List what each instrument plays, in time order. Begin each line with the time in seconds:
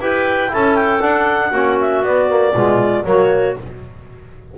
0.00 double bass E4, trombone G4, clarinet B4 G5
0.48 double bass C#4, trombone E4, clarinet A4 A5
0.75 clarinet G5
1.01 trombone D4, double bass D4, clarinet F#5
1.50 double bass A#3, trombone C#4, clarinet F#4
1.80 clarinet E5
2.02 double bass B3, trombone B3, clarinet D5
2.29 trombone A#3
2.53 double bass B2, trombone G#3, clarinet F4
3.04 double bass F#3, trombone A#3, clarinet F#4 C#5